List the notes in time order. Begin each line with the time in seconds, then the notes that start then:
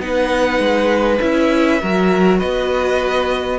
0.00 B3 D#4 B4 F#5
0.60 G#3
1.20 C#4 E4 E5
1.82 F#3 F#4 A#4
2.39 B3 B4 D#5